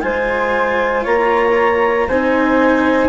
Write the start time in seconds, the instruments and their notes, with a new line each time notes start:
0.00 bassoon G#3, cello F4, flute C5, clarinet G#5
1.03 bassoon A#3, flute C#5, clarinet A#5
2.08 bassoon C4, cello D#4, flute C5, clarinet G#5